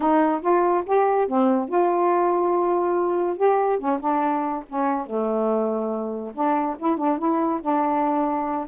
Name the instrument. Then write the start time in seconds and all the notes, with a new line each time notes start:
saxophone
0.00 D#4
0.41 F4
0.85 G4
1.27 C4
1.68 F4
3.36 G4
3.78 C#4
4.00 D4
4.68 C#4
5.06 A3
6.34 D4
6.78 E4
6.97 D4
7.18 E4
7.61 D4